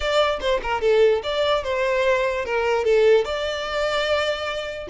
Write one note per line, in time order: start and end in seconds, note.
0.00 0.39 D5
0.40 0.60 C5
0.63 0.81 A#4
0.81 1.22 A4
1.23 1.63 D5
1.63 2.45 C5
2.45 2.84 A#4
2.84 3.24 A4
3.24 4.88 D5